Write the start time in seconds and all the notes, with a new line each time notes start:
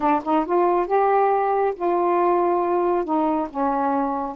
0.00 D4
0.24 D#4
0.45 F4
0.87 G4
1.75 F4
3.04 D#4
3.50 C#4